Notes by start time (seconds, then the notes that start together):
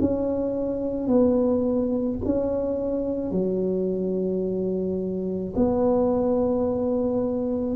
0.00 C#4
1.07 B3
2.25 C#4
3.31 F#3
5.56 B3